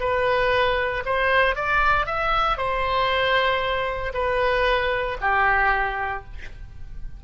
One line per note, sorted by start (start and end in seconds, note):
0.00 1.03 B4
1.06 1.56 C5
1.56 2.06 D5
2.06 2.58 E5
2.58 4.13 C5
4.14 5.18 B4
5.21 6.25 G4